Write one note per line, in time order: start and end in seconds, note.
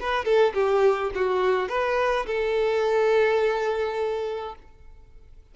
0.00 0.25 B4
0.25 0.53 A4
0.54 1.11 G4
1.15 1.69 F#4
1.69 2.26 B4
2.26 4.55 A4